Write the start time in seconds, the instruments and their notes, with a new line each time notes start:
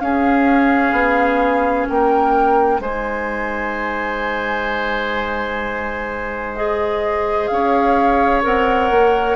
0.00 bassoon C#4, clarinet C#4, oboe G#4, flute F5
0.92 bassoon B3
1.88 bassoon A#3, oboe A#4, flute G5
2.79 bassoon G#3, clarinet D#4, oboe C5, flute G#5
6.56 clarinet G#4, flute D#5
7.48 bassoon C#4, oboe C#5, flute F5
8.43 bassoon C4, clarinet A#4, flute F#5
8.91 bassoon A#3